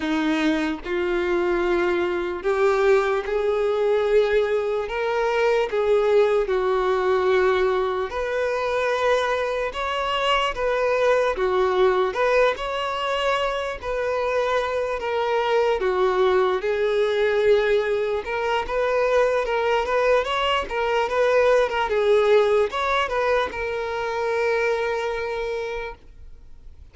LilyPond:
\new Staff \with { instrumentName = "violin" } { \time 4/4 \tempo 4 = 74 dis'4 f'2 g'4 | gis'2 ais'4 gis'4 | fis'2 b'2 | cis''4 b'4 fis'4 b'8 cis''8~ |
cis''4 b'4. ais'4 fis'8~ | fis'8 gis'2 ais'8 b'4 | ais'8 b'8 cis''8 ais'8 b'8. ais'16 gis'4 | cis''8 b'8 ais'2. | }